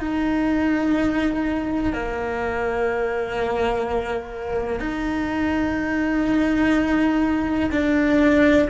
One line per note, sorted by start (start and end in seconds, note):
0.00 1.94 D#4
1.94 4.80 A#3
4.80 7.71 D#4
7.72 8.69 D4